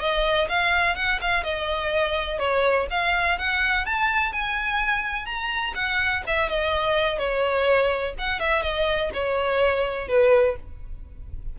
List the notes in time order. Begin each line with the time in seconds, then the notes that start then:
0.00 D#5
0.49 F5
0.96 F#5
1.21 F5
1.44 D#5
2.39 C#5
2.91 F5
3.39 F#5
3.86 A5
4.32 G#5
5.26 A#5
5.75 F#5
6.27 E5
6.49 D#5
7.18 C#5
8.18 F#5
8.40 E5
8.62 D#5
9.14 C#5
10.08 B4